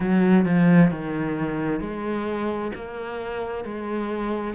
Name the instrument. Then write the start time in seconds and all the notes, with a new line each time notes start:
cello
0.00 F#3
0.45 F3
0.90 D#3
1.80 G#3
2.75 A#3
3.64 G#3